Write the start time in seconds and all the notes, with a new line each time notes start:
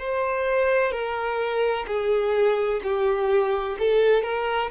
0.00 C5
0.92 A#4
1.87 G#4
2.84 G4
3.80 A4
4.24 A#4